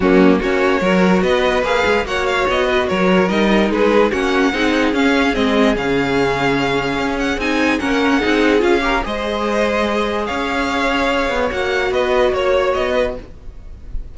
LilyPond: <<
  \new Staff \with { instrumentName = "violin" } { \time 4/4 \tempo 4 = 146 fis'4 cis''2 dis''4 | f''4 fis''8 f''8 dis''4 cis''4 | dis''4 b'4 fis''2 | f''4 dis''4 f''2~ |
f''4. fis''8 gis''4 fis''4~ | fis''4 f''4 dis''2~ | dis''4 f''2. | fis''4 dis''4 cis''4 dis''4 | }
  \new Staff \with { instrumentName = "violin" } { \time 4/4 cis'4 fis'4 ais'4 b'4~ | b'4 cis''4. b'8 ais'4~ | ais'4 gis'4 fis'4 gis'4~ | gis'1~ |
gis'2. ais'4 | gis'4. ais'8 c''2~ | c''4 cis''2.~ | cis''4 b'4 cis''4. b'8 | }
  \new Staff \with { instrumentName = "viola" } { \time 4/4 ais4 cis'4 fis'2 | gis'4 fis'2. | dis'2 cis'4 dis'4 | cis'4 c'4 cis'2~ |
cis'2 dis'4 cis'4 | dis'4 f'8 g'8 gis'2~ | gis'1 | fis'1 | }
  \new Staff \with { instrumentName = "cello" } { \time 4/4 fis4 ais4 fis4 b4 | ais8 gis8 ais4 b4 fis4 | g4 gis4 ais4 c'4 | cis'4 gis4 cis2~ |
cis4 cis'4 c'4 ais4 | c'4 cis'4 gis2~ | gis4 cis'2~ cis'8 b8 | ais4 b4 ais4 b4 | }
>>